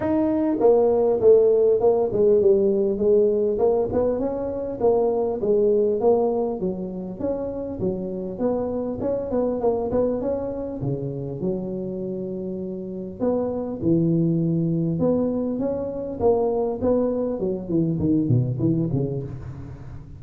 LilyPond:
\new Staff \with { instrumentName = "tuba" } { \time 4/4 \tempo 4 = 100 dis'4 ais4 a4 ais8 gis8 | g4 gis4 ais8 b8 cis'4 | ais4 gis4 ais4 fis4 | cis'4 fis4 b4 cis'8 b8 |
ais8 b8 cis'4 cis4 fis4~ | fis2 b4 e4~ | e4 b4 cis'4 ais4 | b4 fis8 e8 dis8 b,8 e8 cis8 | }